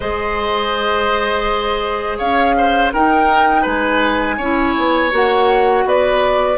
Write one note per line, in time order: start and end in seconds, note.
0.00 2.20 G#3
0.00 2.93 G#4
0.00 2.18 C5
0.00 2.17 D#5
2.18 2.93 C#4
2.18 2.54 C#5
2.18 2.91 F5
2.57 2.93 C5
2.93 3.66 D#4
2.93 4.40 D#4
2.93 3.62 A#4
2.93 3.65 G5
3.62 4.38 G#3
3.62 4.35 B4
3.62 5.12 G#5
4.37 4.75 C#4
4.37 5.10 E4
4.37 5.84 C#5
4.77 5.12 B3
5.10 5.84 A#3
5.10 6.56 F#4
5.10 5.87 F#5
5.84 6.57 B3
5.84 6.57 B4
5.84 6.57 D5